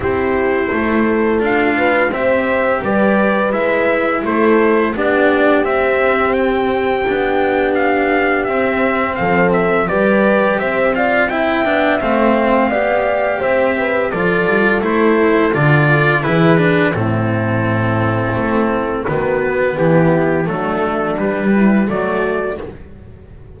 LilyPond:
<<
  \new Staff \with { instrumentName = "trumpet" } { \time 4/4 \tempo 4 = 85 c''2 f''4 e''4 | d''4 e''4 c''4 d''4 | e''4 g''2 f''4 | e''4 f''8 e''8 d''4 e''8 f''8 |
g''4 f''2 e''4 | d''4 c''4 d''4 b'4 | a'2. b'4 | g'4 a'4 b'4 d''4 | }
  \new Staff \with { instrumentName = "horn" } { \time 4/4 g'4 a'4. b'8 c''4 | b'2 a'4 g'4~ | g'1~ | g'4 a'4 b'4 c''8 d''8 |
e''2 d''4 c''8 b'8 | a'2. gis'4 | e'2. fis'4 | e'4 d'4. e'8 fis'4 | }
  \new Staff \with { instrumentName = "cello" } { \time 4/4 e'2 f'4 g'4~ | g'4 e'2 d'4 | c'2 d'2 | c'2 g'4. f'8 |
e'8 d'8 c'4 g'2 | f'4 e'4 f'4 e'8 d'8 | c'2. b4~ | b4 a4 g4 a4 | }
  \new Staff \with { instrumentName = "double bass" } { \time 4/4 c'4 a4 d'4 c'4 | g4 gis4 a4 b4 | c'2 b2 | c'4 f4 g4 c'4~ |
c'8 b8 a4 b4 c'4 | f8 g8 a4 d4 e4 | a,2 a4 dis4 | e4 fis4 g4 fis4 | }
>>